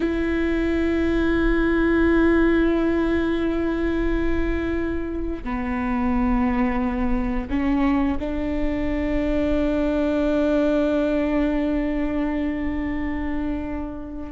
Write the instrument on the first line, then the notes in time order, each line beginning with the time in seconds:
viola
0.00 E4
5.43 B3
7.50 C#4
8.19 D4